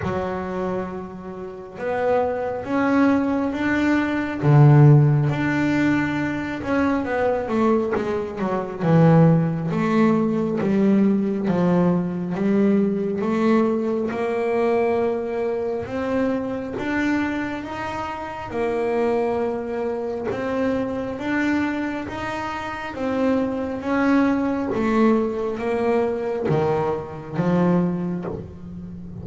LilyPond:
\new Staff \with { instrumentName = "double bass" } { \time 4/4 \tempo 4 = 68 fis2 b4 cis'4 | d'4 d4 d'4. cis'8 | b8 a8 gis8 fis8 e4 a4 | g4 f4 g4 a4 |
ais2 c'4 d'4 | dis'4 ais2 c'4 | d'4 dis'4 c'4 cis'4 | a4 ais4 dis4 f4 | }